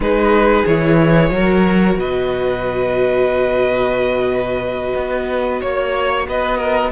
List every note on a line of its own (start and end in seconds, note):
0.00 0.63 G#3
0.00 0.66 D#4
0.00 1.33 G#4
0.00 0.66 B4
0.66 1.30 E3
0.66 1.30 E4
0.66 1.98 C#5
1.30 1.96 F#3
1.30 6.91 F#4
1.30 1.99 A#4
1.96 4.93 B2
1.96 5.60 B4
1.96 5.61 D#5
4.95 5.61 B3
5.60 6.27 A#3
5.60 6.26 C#5
5.60 6.27 C#5
6.27 6.92 B3
6.27 6.57 B4
6.27 6.92 D#5
6.57 6.90 A#4